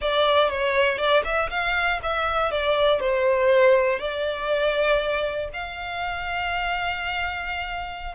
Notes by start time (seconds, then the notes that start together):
0.01 D5
0.49 C#5
0.98 D5
1.24 E5
1.50 F5
2.02 E5
2.51 D5
3.00 C5
3.99 D5
5.53 F5